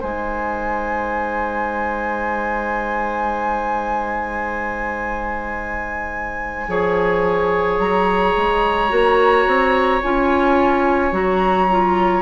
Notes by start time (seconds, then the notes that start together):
0.00 G#3 D#4 C5 G#5
6.68 F3 G#4 C#5
7.79 F#3 A#5
8.37 G#3
8.89 A#3 F#4
9.47 C4
10.03 C#4 F4 G#5
11.12 F#3 F#4 A#5
11.70 F4